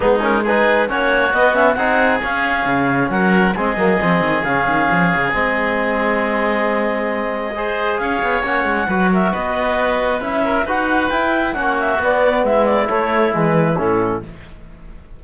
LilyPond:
<<
  \new Staff \with { instrumentName = "clarinet" } { \time 4/4 \tempo 4 = 135 gis'8 ais'8 b'4 cis''4 dis''8 e''8 | fis''4 f''2 fis''4 | dis''2 f''2 | dis''1~ |
dis''2 f''4 fis''4~ | fis''8 e''8 dis''2 e''4 | fis''4 g''4 fis''8 e''8 d''4 | e''8 d''8 cis''4 b'4 a'4 | }
  \new Staff \with { instrumentName = "oboe" } { \time 4/4 dis'4 gis'4 fis'2 | gis'2. ais'4 | gis'1~ | gis'1~ |
gis'4 c''4 cis''2 | b'8 ais'8 b'2~ b'8 ais'8 | b'2 fis'2 | e'1 | }
  \new Staff \with { instrumentName = "trombone" } { \time 4/4 b8 cis'8 dis'4 cis'4 b8 cis'8 | dis'4 cis'2. | c'8 ais8 c'4 cis'2 | c'1~ |
c'4 gis'2 cis'4 | fis'2. e'4 | fis'4 e'4 cis'4 b4~ | b4 a4 gis4 cis'4 | }
  \new Staff \with { instrumentName = "cello" } { \time 4/4 gis2 ais4 b4 | c'4 cis'4 cis4 fis4 | gis8 fis8 f8 dis8 cis8 dis8 f8 cis8 | gis1~ |
gis2 cis'8 b8 ais8 gis8 | fis4 b2 cis'4 | dis'4 e'4 ais4 b4 | gis4 a4 e4 a,4 | }
>>